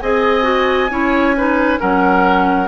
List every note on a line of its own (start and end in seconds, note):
0.00 0.90 C4
0.00 0.43 G#4
0.00 0.91 D#5
0.00 1.79 G#5
0.43 0.88 F#4
0.90 1.80 C#4
0.90 1.35 E4
0.90 1.36 C#5
1.37 1.77 D#4
1.37 1.80 B4
1.77 2.68 F#3
1.77 2.67 C#4
1.77 2.68 A#4
1.77 2.68 F#5